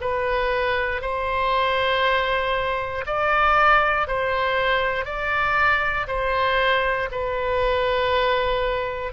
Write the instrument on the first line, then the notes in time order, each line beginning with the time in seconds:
oboe
0.00 B4
1.01 C5
3.06 D5
4.07 C5
5.05 D5
6.07 C5
7.11 B4